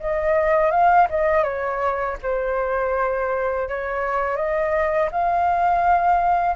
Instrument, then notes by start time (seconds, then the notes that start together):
flute
0.00 D#5
0.72 F5
1.10 D#5
1.44 C#5
2.23 C5
3.69 C#5
4.36 D#5
5.12 F5